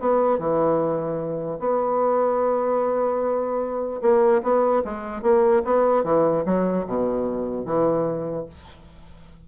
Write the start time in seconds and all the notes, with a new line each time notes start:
0.00 B3
0.39 E3
1.59 B3
4.02 A#3
4.43 B3
4.85 G#3
5.22 A#3
5.65 B3
6.04 E3
6.46 F#3
6.87 B2
7.66 E3